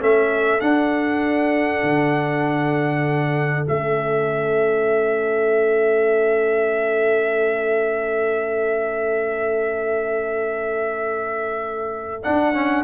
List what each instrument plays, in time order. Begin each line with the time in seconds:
0.00 tuba A3, trombone C#4, horn A4, trumpet E5
0.61 trombone D4, tuba D4, trumpet F#5
1.83 tuba D3
3.66 tuba A3, trombone C#4, trumpet E5
12.24 trombone D4, tuba D4, trumpet F#5
12.54 trombone C#4